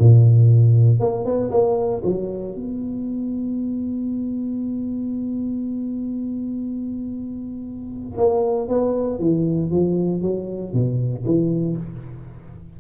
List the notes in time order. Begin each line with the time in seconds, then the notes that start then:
0.00 A#2
1.00 A#3
1.26 B3
1.52 A#3
2.04 F#3
2.56 B3
8.18 A#3
8.69 B3
9.20 E3
9.71 F3
10.22 F#3
10.74 B2
11.26 E3